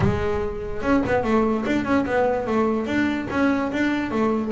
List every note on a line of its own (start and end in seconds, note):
0.00 0.82 G#3
0.82 1.02 C#4
1.06 1.23 B3
1.23 1.64 A3
1.66 1.84 D4
1.84 2.05 C#4
2.05 2.46 B3
2.47 2.86 A3
2.86 3.27 D4
3.30 3.71 C#4
3.72 4.11 D4
4.11 4.51 A3